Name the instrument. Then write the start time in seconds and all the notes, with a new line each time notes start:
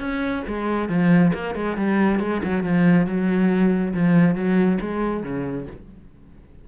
cello
0.00 C#4
0.47 G#3
0.89 F3
1.34 A#3
1.55 G#3
1.77 G3
2.20 G#3
2.44 F#3
2.64 F3
3.07 F#3
3.94 F3
4.35 F#3
4.81 G#3
5.24 C#3